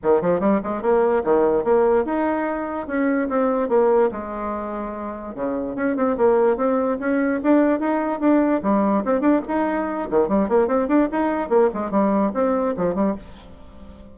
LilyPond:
\new Staff \with { instrumentName = "bassoon" } { \time 4/4 \tempo 4 = 146 dis8 f8 g8 gis8 ais4 dis4 | ais4 dis'2 cis'4 | c'4 ais4 gis2~ | gis4 cis4 cis'8 c'8 ais4 |
c'4 cis'4 d'4 dis'4 | d'4 g4 c'8 d'8 dis'4~ | dis'8 dis8 g8 ais8 c'8 d'8 dis'4 | ais8 gis8 g4 c'4 f8 g8 | }